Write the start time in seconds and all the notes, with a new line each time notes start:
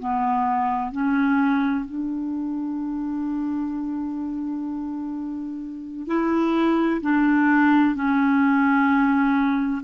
0.00 B3
0.92 C#4
1.86 D4
6.08 E4
7.02 D4
7.95 C#4